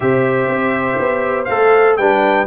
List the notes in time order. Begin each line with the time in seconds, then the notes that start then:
0.00 C3 G4 C5 E5
0.48 C4
0.99 B3
1.44 A3 A4 F5
1.96 G3 D4 B4 G5